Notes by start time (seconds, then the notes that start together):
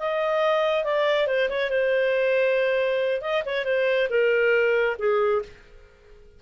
0.00 D#5
0.84 D5
1.27 C5
1.50 C#5
1.70 C5
3.22 D#5
3.46 C#5
3.65 C5
4.10 A#4
4.99 G#4